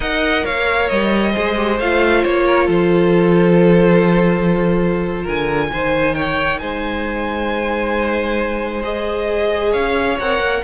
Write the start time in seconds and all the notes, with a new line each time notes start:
0.00 D#4 A#4 D#5 F#5
0.44 A#3 C#5 F5
0.88 G3 D#5
1.32 G#3 G#4 C5
1.56 G4
1.79 A3 F4 F5
2.24 A#3 C#5
2.46 A#4
2.66 F3 A4 C5
5.22 D3 A#4 G#5
5.72 D#3 D#4 C5
6.14 C#5 G5
6.58 G#3 C5 G#5
8.82 G#4 D#5
9.71 C#4 C#5 F5
10.19 C4 A#4 F#5
10.40 A#3